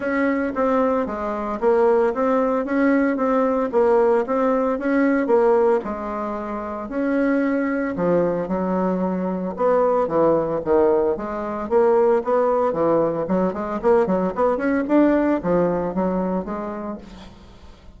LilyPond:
\new Staff \with { instrumentName = "bassoon" } { \time 4/4 \tempo 4 = 113 cis'4 c'4 gis4 ais4 | c'4 cis'4 c'4 ais4 | c'4 cis'4 ais4 gis4~ | gis4 cis'2 f4 |
fis2 b4 e4 | dis4 gis4 ais4 b4 | e4 fis8 gis8 ais8 fis8 b8 cis'8 | d'4 f4 fis4 gis4 | }